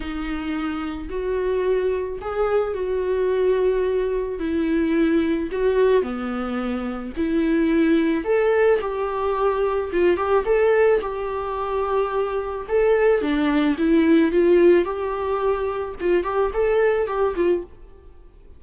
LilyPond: \new Staff \with { instrumentName = "viola" } { \time 4/4 \tempo 4 = 109 dis'2 fis'2 | gis'4 fis'2. | e'2 fis'4 b4~ | b4 e'2 a'4 |
g'2 f'8 g'8 a'4 | g'2. a'4 | d'4 e'4 f'4 g'4~ | g'4 f'8 g'8 a'4 g'8 f'8 | }